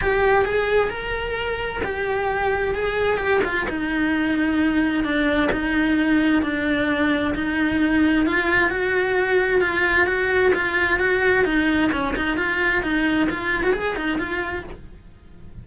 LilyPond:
\new Staff \with { instrumentName = "cello" } { \time 4/4 \tempo 4 = 131 g'4 gis'4 ais'2 | g'2 gis'4 g'8 f'8 | dis'2. d'4 | dis'2 d'2 |
dis'2 f'4 fis'4~ | fis'4 f'4 fis'4 f'4 | fis'4 dis'4 cis'8 dis'8 f'4 | dis'4 f'8. fis'16 gis'8 dis'8 f'4 | }